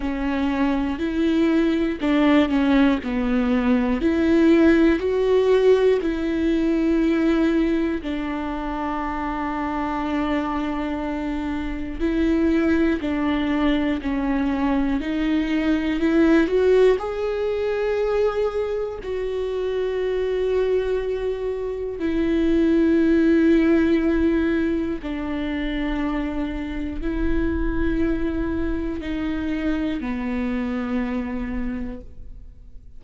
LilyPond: \new Staff \with { instrumentName = "viola" } { \time 4/4 \tempo 4 = 60 cis'4 e'4 d'8 cis'8 b4 | e'4 fis'4 e'2 | d'1 | e'4 d'4 cis'4 dis'4 |
e'8 fis'8 gis'2 fis'4~ | fis'2 e'2~ | e'4 d'2 e'4~ | e'4 dis'4 b2 | }